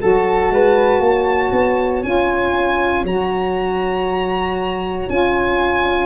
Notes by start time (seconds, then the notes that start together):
0.00 F#3 F#4 A4 A5
0.50 G#3 B4
1.00 A#3 C#5
1.52 B3
2.03 C#4 F4 G#5
3.04 F#3 F#4 A#5
5.09 C#4 F4 G#5